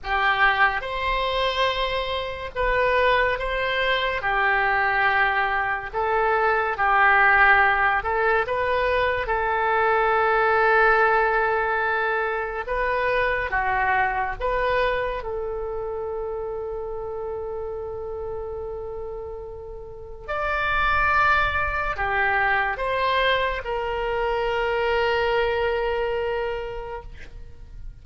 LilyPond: \new Staff \with { instrumentName = "oboe" } { \time 4/4 \tempo 4 = 71 g'4 c''2 b'4 | c''4 g'2 a'4 | g'4. a'8 b'4 a'4~ | a'2. b'4 |
fis'4 b'4 a'2~ | a'1 | d''2 g'4 c''4 | ais'1 | }